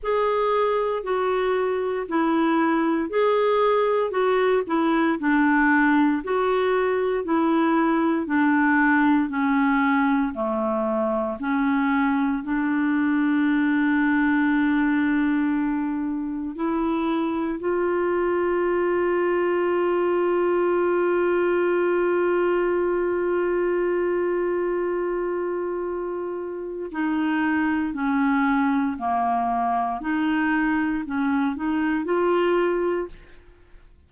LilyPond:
\new Staff \with { instrumentName = "clarinet" } { \time 4/4 \tempo 4 = 58 gis'4 fis'4 e'4 gis'4 | fis'8 e'8 d'4 fis'4 e'4 | d'4 cis'4 a4 cis'4 | d'1 |
e'4 f'2.~ | f'1~ | f'2 dis'4 cis'4 | ais4 dis'4 cis'8 dis'8 f'4 | }